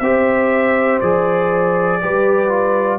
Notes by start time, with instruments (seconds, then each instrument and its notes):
0.00 tuba C4, trombone G4, horn C5, trumpet E5
1.01 tuba F3, trombone G#4, trumpet D5
2.02 tuba G3, trombone G4, horn B4
2.50 trombone F4